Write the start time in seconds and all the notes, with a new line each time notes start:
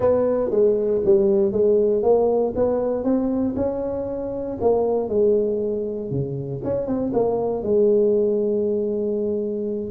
0.00 B3
0.50 G#3
1.04 G3
1.52 G#3
2.02 A#3
2.55 B3
3.03 C4
3.55 C#4
4.60 A#3
5.08 G#3
6.10 C#3
6.64 C#4
6.86 C4
7.13 A#3
7.62 G#3